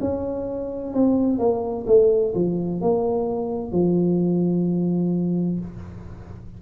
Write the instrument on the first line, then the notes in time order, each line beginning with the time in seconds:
tuba
0.00 C#4
0.93 C4
1.38 A#3
1.87 A3
2.34 F3
2.81 A#3
3.72 F3